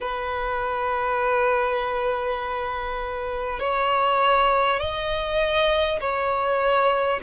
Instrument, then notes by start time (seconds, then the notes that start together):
violin
0.00 B4
3.59 C#5
4.79 D#5
6.00 C#5